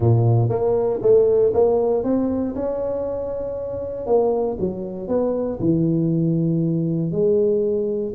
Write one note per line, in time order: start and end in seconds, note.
0.00 0.49 A#2
0.49 1.00 A#3
1.02 1.53 A3
1.53 2.03 A#3
2.03 2.54 C4
2.55 4.06 C#4
4.06 4.57 A#3
4.59 5.08 F#3
5.08 5.59 B3
5.59 7.11 E3
7.11 8.13 G#3